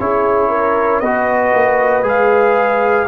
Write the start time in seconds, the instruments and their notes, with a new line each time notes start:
0.00 tuba C#4, trombone E4, horn G#4, trumpet C#5
0.50 horn A#4
1.00 tuba B3, trombone F#4, horn B4, trumpet D#5
1.54 tuba A#3
2.03 tuba G#3, trombone G#4, trumpet F5